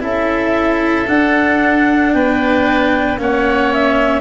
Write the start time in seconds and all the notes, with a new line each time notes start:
0.00 C#4 E4 A4 E5
1.07 D4 F#5
2.13 B3 B4 G5
3.18 A#3 C#4 C#5 F#5
3.73 E5